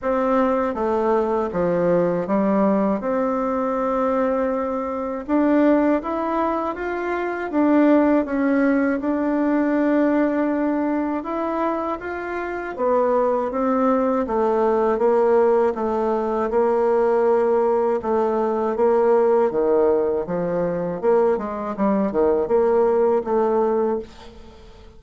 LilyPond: \new Staff \with { instrumentName = "bassoon" } { \time 4/4 \tempo 4 = 80 c'4 a4 f4 g4 | c'2. d'4 | e'4 f'4 d'4 cis'4 | d'2. e'4 |
f'4 b4 c'4 a4 | ais4 a4 ais2 | a4 ais4 dis4 f4 | ais8 gis8 g8 dis8 ais4 a4 | }